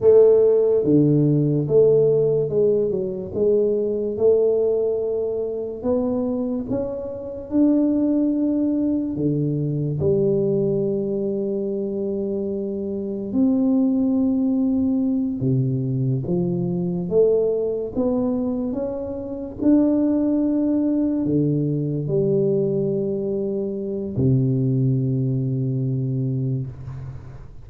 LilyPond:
\new Staff \with { instrumentName = "tuba" } { \time 4/4 \tempo 4 = 72 a4 d4 a4 gis8 fis8 | gis4 a2 b4 | cis'4 d'2 d4 | g1 |
c'2~ c'8 c4 f8~ | f8 a4 b4 cis'4 d'8~ | d'4. d4 g4.~ | g4 c2. | }